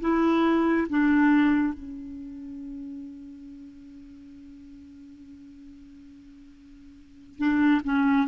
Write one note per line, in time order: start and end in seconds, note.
0.00 0.87 E4
0.89 1.74 D4
1.74 7.38 C#4
7.38 7.81 D4
7.84 8.27 C#4